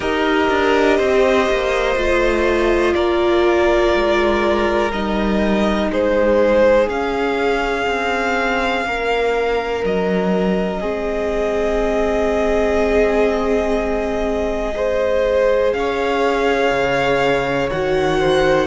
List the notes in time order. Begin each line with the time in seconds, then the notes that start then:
0.00 D#4 G4 A#4 D#5
0.50 D4
0.97 C4 C5
1.50 A#3
1.95 A3 F4
2.94 A#3 A#4 D5
3.94 G#3
4.91 G3 D#4 D#5
5.90 G#3 G#4 C5
6.87 C#4 F5
7.86 C4
8.84 A#3 A#4
9.84 F#3 D#5
10.80 G#3 C4 G#4
14.74 G#4 C5
15.73 C#4 C#5 F5
16.70 C#3
17.69 D#3 F#4 F#5
18.19 C5